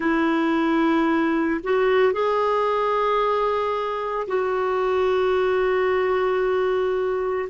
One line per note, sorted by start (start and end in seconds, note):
0.00 1.61 E4
1.63 2.12 F#4
2.12 4.27 G#4
4.27 7.49 F#4